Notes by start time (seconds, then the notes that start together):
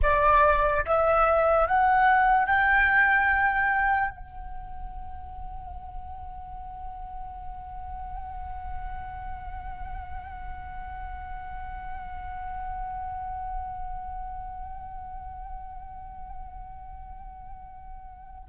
0.02 D5
0.85 E5
1.67 F#5
2.46 G5
4.10 F#5